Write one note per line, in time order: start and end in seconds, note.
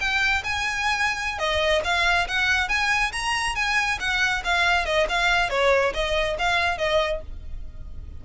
0.00 0.43 G5
0.44 1.39 G#5
1.39 1.82 D#5
1.84 2.27 F5
2.28 2.69 F#5
2.69 3.12 G#5
3.12 3.55 A#5
3.55 3.98 G#5
4.00 4.43 F#5
4.44 4.85 F5
4.85 5.07 D#5
5.09 5.50 F5
5.50 5.93 C#5
5.94 6.37 D#5
6.38 6.78 F5
6.78 7.21 D#5